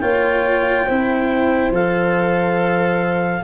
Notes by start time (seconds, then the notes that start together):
0.00 A#3 F4 C#5 G5
0.86 C4 E4 C5
1.71 F3 A4 F5